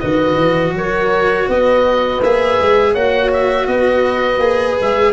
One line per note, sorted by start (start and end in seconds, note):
0.00 0.36 D#3
0.00 2.20 F#4
0.00 0.74 B4
0.00 0.73 D#5
0.36 0.72 E3
0.72 1.45 F#3
0.72 1.49 A#4
0.72 1.50 C#5
1.49 2.22 B3
1.49 2.93 B4
1.49 2.23 D#5
2.23 2.60 A#3
2.23 2.97 G#4
2.23 2.95 E5
2.61 2.95 G#3
2.93 3.68 A#3
2.93 4.42 F#4
2.93 3.66 C#5
2.93 3.31 F#5
3.33 3.67 E5
3.67 4.39 B3
3.67 5.13 B4
3.67 4.77 D#5
4.39 4.75 A#3
4.39 5.13 G#4
4.81 5.13 G#3
4.81 5.13 E5